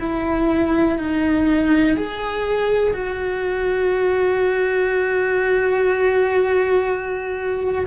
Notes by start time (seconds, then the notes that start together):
0.00 E4
0.98 D#4
1.97 G#4
2.94 F#4